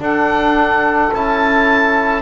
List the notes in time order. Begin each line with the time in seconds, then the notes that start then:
0.00 D4 A4 F#5
1.13 C#4 E4 A5